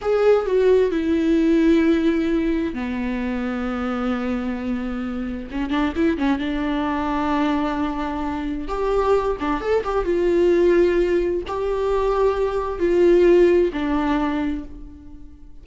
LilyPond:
\new Staff \with { instrumentName = "viola" } { \time 4/4 \tempo 4 = 131 gis'4 fis'4 e'2~ | e'2 b2~ | b1 | cis'8 d'8 e'8 cis'8 d'2~ |
d'2. g'4~ | g'8 d'8 a'8 g'8 f'2~ | f'4 g'2. | f'2 d'2 | }